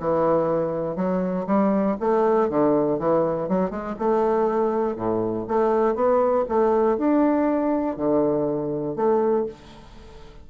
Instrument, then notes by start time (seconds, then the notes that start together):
bassoon
0.00 E3
0.96 F#3
1.47 G3
2.00 A3
2.49 D3
2.99 E3
3.49 F#3
3.70 G#3
3.99 A3
4.96 A2
5.47 A3
5.95 B3
6.48 A3
6.98 D4
7.97 D3
8.96 A3